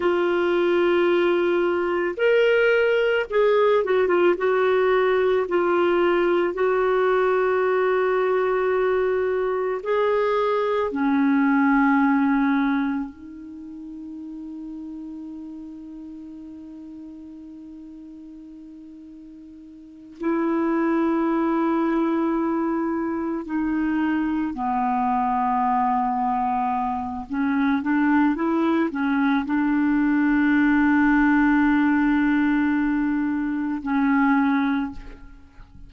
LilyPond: \new Staff \with { instrumentName = "clarinet" } { \time 4/4 \tempo 4 = 55 f'2 ais'4 gis'8 fis'16 f'16 | fis'4 f'4 fis'2~ | fis'4 gis'4 cis'2 | dis'1~ |
dis'2~ dis'8 e'4.~ | e'4. dis'4 b4.~ | b4 cis'8 d'8 e'8 cis'8 d'4~ | d'2. cis'4 | }